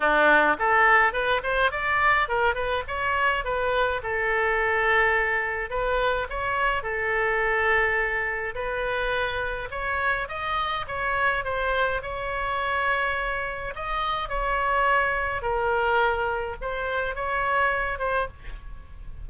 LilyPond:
\new Staff \with { instrumentName = "oboe" } { \time 4/4 \tempo 4 = 105 d'4 a'4 b'8 c''8 d''4 | ais'8 b'8 cis''4 b'4 a'4~ | a'2 b'4 cis''4 | a'2. b'4~ |
b'4 cis''4 dis''4 cis''4 | c''4 cis''2. | dis''4 cis''2 ais'4~ | ais'4 c''4 cis''4. c''8 | }